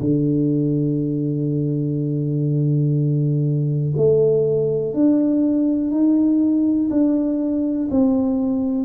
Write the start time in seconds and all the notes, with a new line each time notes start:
0.00 D3
3.97 A3
4.94 D4
5.91 D#4
6.90 D4
7.90 C4